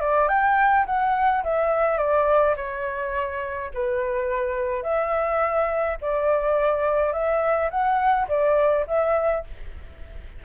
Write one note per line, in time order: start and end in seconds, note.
0.00 0.28 D5
0.28 0.85 G5
0.86 1.43 F#5
1.43 1.97 E5
1.97 2.54 D5
2.56 3.70 C#5
3.74 4.82 B4
4.82 5.97 E5
6.01 7.12 D5
7.12 7.69 E5
7.70 8.27 F#5
8.28 8.85 D5
8.87 9.44 E5